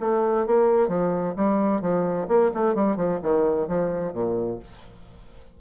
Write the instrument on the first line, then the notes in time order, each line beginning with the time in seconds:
bassoon
0.00 A3
0.46 A#3
0.88 F3
1.36 G3
1.81 F3
2.28 A#3
2.54 A3
2.75 G3
2.96 F3
3.22 D#3
3.67 F3
4.13 A#2